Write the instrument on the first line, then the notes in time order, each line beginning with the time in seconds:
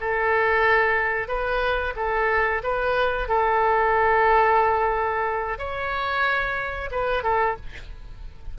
oboe
0.00 A4
1.28 B4
1.96 A4
2.63 B4
3.28 A4
5.58 C#5
6.91 B4
7.23 A4